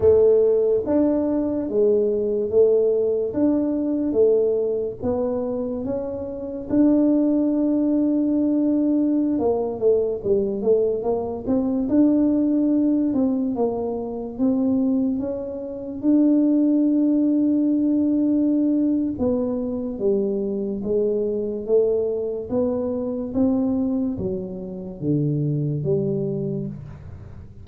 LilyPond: \new Staff \with { instrumentName = "tuba" } { \time 4/4 \tempo 4 = 72 a4 d'4 gis4 a4 | d'4 a4 b4 cis'4 | d'2.~ d'16 ais8 a16~ | a16 g8 a8 ais8 c'8 d'4. c'16~ |
c'16 ais4 c'4 cis'4 d'8.~ | d'2. b4 | g4 gis4 a4 b4 | c'4 fis4 d4 g4 | }